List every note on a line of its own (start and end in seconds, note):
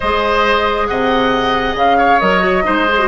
0.00 0.89 G#3
0.00 2.21 G#4
0.00 0.86 C5
0.00 0.87 D#5
0.87 1.74 C3
0.87 1.97 D#5
0.87 1.75 F#5
1.74 2.18 C#3
1.74 2.19 F5
1.97 2.63 C#5
2.19 2.65 F#3
2.19 2.40 A#4
2.19 3.07 D#5
2.40 2.62 F#4
2.63 3.07 G#3
2.63 2.85 D#4
2.63 3.07 C5
2.88 2.99 G#4
2.99 3.07 F#4